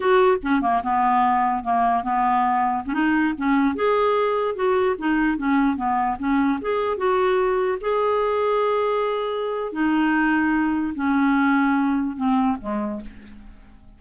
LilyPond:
\new Staff \with { instrumentName = "clarinet" } { \time 4/4 \tempo 4 = 148 fis'4 cis'8 ais8 b2 | ais4 b2 cis'16 dis'8.~ | dis'16 cis'4 gis'2 fis'8.~ | fis'16 dis'4 cis'4 b4 cis'8.~ |
cis'16 gis'4 fis'2 gis'8.~ | gis'1 | dis'2. cis'4~ | cis'2 c'4 gis4 | }